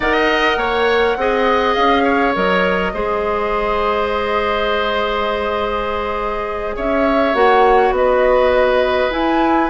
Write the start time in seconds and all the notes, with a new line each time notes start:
0.00 D#4 A#4 D#5 F#5
0.56 A#3 C#5
1.16 C4 G#4 D#5
1.74 C#4 F5
2.03 C#5
2.34 F#3 A#4 D#5
2.93 G#3 G#4 C5
6.76 C#4 C#5 E5
7.34 A#3 F#4 F#5
7.90 B3 D#5
7.96 B4
9.10 E4 G#5